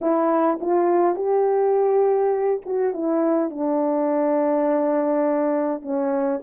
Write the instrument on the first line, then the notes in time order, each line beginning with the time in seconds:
horn
0.01 E4
0.60 F4
1.15 G4
2.65 F#4
2.93 E4
3.50 D4
5.81 C#4